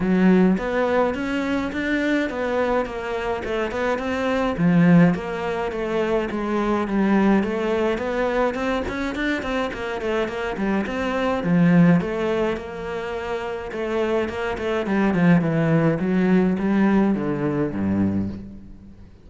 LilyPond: \new Staff \with { instrumentName = "cello" } { \time 4/4 \tempo 4 = 105 fis4 b4 cis'4 d'4 | b4 ais4 a8 b8 c'4 | f4 ais4 a4 gis4 | g4 a4 b4 c'8 cis'8 |
d'8 c'8 ais8 a8 ais8 g8 c'4 | f4 a4 ais2 | a4 ais8 a8 g8 f8 e4 | fis4 g4 d4 g,4 | }